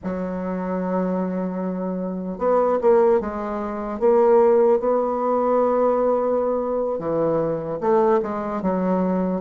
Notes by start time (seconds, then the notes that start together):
0.03 F#3
2.38 B3
2.81 A#3
3.20 G#3
3.99 A#3
4.79 B3
6.98 E3
7.80 A3
8.22 G#3
8.61 F#3